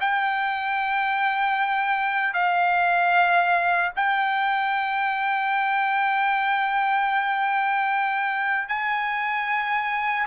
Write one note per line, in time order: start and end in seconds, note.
0.00 2.33 G5
2.33 3.91 F5
3.96 8.68 G5
8.68 10.26 G#5